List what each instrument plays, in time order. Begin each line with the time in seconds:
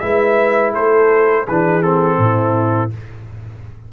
0.00 tuba G#3, trombone E4, horn B4, trumpet E5
0.73 tuba A3, horn A4, trumpet C5
1.46 tuba E3, trombone D4, horn G#4, trumpet B4
1.82 trombone C4, trumpet A4
2.19 tuba A2, horn E4